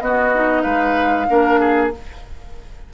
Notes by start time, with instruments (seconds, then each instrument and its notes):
0.00 clarinet B3, bassoon B3, oboe F#4, flute D#5
0.34 clarinet D#4
0.62 bassoon G#3, oboe B4, flute F5
1.28 bassoon A#3, clarinet D4, oboe A#4
1.59 oboe G#4